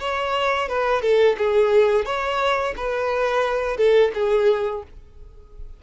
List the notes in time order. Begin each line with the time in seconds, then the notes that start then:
0.00 C#5
0.69 B4
1.02 A4
1.38 G#4
2.06 C#5
2.77 B4
3.77 A4
4.14 G#4